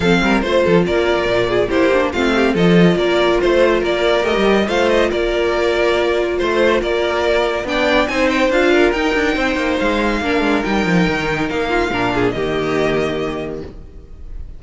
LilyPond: <<
  \new Staff \with { instrumentName = "violin" } { \time 4/4 \tempo 4 = 141 f''4 c''4 d''2 | c''4 f''4 dis''4 d''4 | c''4 d''4 dis''4 f''8 dis''8 | d''2. c''4 |
d''2 g''4 gis''8 g''8 | f''4 g''2 f''4~ | f''4 g''2 f''4~ | f''4 dis''2. | }
  \new Staff \with { instrumentName = "violin" } { \time 4/4 a'8 ais'8 c''8 a'8 ais'4. gis'8 | g'4 f'8 g'8 a'4 ais'4 | c''4 ais'2 c''4 | ais'2. c''4 |
ais'2 d''4 c''4~ | c''8 ais'4. c''2 | ais'2.~ ais'8 f'8 | ais'8 gis'8 g'2. | }
  \new Staff \with { instrumentName = "viola" } { \time 4/4 c'4 f'2. | e'8 d'8 c'4 f'2~ | f'2 g'4 f'4~ | f'1~ |
f'2 d'4 dis'4 | f'4 dis'2. | d'4 dis'2. | d'4 ais2. | }
  \new Staff \with { instrumentName = "cello" } { \time 4/4 f8 g8 a8 f8 ais4 ais,4 | ais4 a4 f4 ais4 | a4 ais4 a16 g8. a4 | ais2. a4 |
ais2 b4 c'4 | d'4 dis'8 d'8 c'8 ais8 gis4 | ais8 gis8 g8 f8 dis4 ais4 | ais,4 dis2. | }
>>